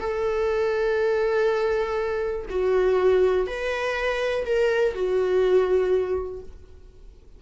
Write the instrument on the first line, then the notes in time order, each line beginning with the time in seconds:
viola
0.00 A4
2.50 F#4
3.47 B4
4.46 A#4
4.95 F#4